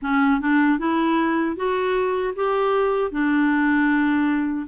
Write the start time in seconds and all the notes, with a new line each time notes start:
0.01 C#4
0.41 D4
0.79 E4
1.56 F#4
2.35 G4
3.11 D4